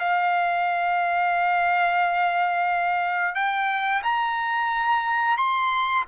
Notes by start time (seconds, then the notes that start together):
0.00 F5
3.35 G5
4.04 A#5
5.38 C6